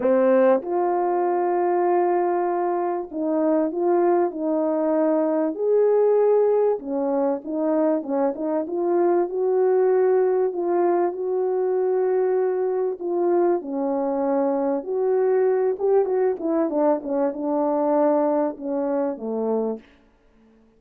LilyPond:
\new Staff \with { instrumentName = "horn" } { \time 4/4 \tempo 4 = 97 c'4 f'2.~ | f'4 dis'4 f'4 dis'4~ | dis'4 gis'2 cis'4 | dis'4 cis'8 dis'8 f'4 fis'4~ |
fis'4 f'4 fis'2~ | fis'4 f'4 cis'2 | fis'4. g'8 fis'8 e'8 d'8 cis'8 | d'2 cis'4 a4 | }